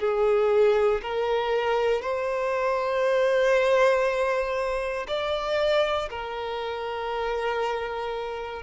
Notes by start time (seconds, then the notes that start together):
0.00 G#4
1.02 A#4
2.02 C5
5.08 D5
6.10 A#4